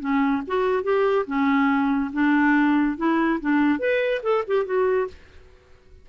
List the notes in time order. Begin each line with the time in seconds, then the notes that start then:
0.00 C#4
0.47 F#4
0.83 G4
1.27 C#4
2.13 D4
2.97 E4
3.40 D4
3.79 B4
4.23 A4
4.47 G4
4.65 F#4